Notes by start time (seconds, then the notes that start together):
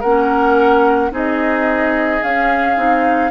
0.00 A#3 C#4 A#4 F#5
1.11 C4 D#4 G#4 D#5
2.23 C#4 F5
2.77 C4 D#4